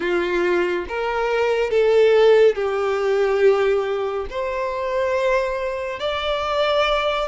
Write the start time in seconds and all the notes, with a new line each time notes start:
0.00 F4
0.88 A#4
1.70 A4
2.55 G4
4.30 C5
5.99 D5